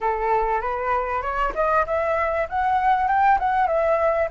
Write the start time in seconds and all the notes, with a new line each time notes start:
0.01 A4
0.61 B4
1.22 C#5
1.54 D#5
1.86 E5
2.49 F#5
3.08 G5
3.39 F#5
3.67 E5